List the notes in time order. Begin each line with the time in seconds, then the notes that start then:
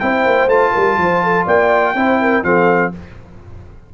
0.00 C4 E4 C5 G5
0.26 A#3
0.47 A3 F4 A5
0.72 G3 A#4
0.98 F3 C5
1.24 A4
1.45 A#3 D5 G5
1.95 C4 E4 C5
2.21 A#4
2.43 F3 C4 A4 F5